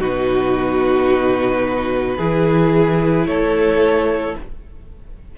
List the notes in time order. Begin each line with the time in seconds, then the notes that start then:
0.00 B2 D#4 F#4 B4
2.17 E3 E4 G#4
3.26 A3 A4 C#5